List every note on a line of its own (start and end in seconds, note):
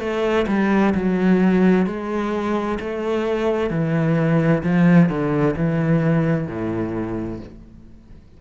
0.00 0.46 A3
0.47 0.94 G3
0.95 1.86 F#3
1.86 2.79 G#3
2.80 3.70 A3
3.70 4.62 E3
4.63 5.09 F3
5.09 5.55 D3
5.56 6.47 E3
6.47 7.40 A2